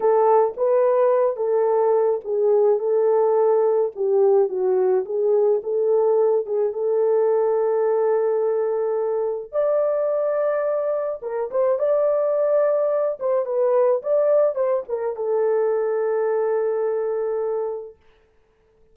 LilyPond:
\new Staff \with { instrumentName = "horn" } { \time 4/4 \tempo 4 = 107 a'4 b'4. a'4. | gis'4 a'2 g'4 | fis'4 gis'4 a'4. gis'8 | a'1~ |
a'4 d''2. | ais'8 c''8 d''2~ d''8 c''8 | b'4 d''4 c''8 ais'8 a'4~ | a'1 | }